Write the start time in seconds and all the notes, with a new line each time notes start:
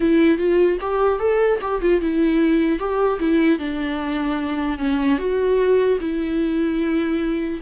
0.00 E4
0.37 F4
0.80 G4
1.19 A4
1.61 G4
1.81 F4
2.00 E4
2.79 G4
3.19 E4
3.58 D4
4.78 C#4
5.18 F#4
6.00 E4